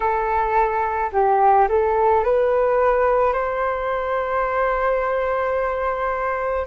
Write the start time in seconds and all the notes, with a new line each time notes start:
0.00 A4
1.12 G4
1.68 A4
2.24 B4
3.33 C5